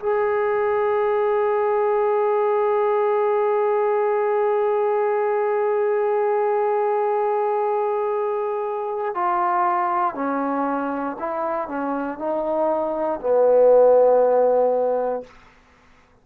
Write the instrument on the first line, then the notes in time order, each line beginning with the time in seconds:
trombone
0.00 G#4
9.15 F4
10.15 C#4
11.20 E4
11.69 C#4
12.19 D#4
13.21 B3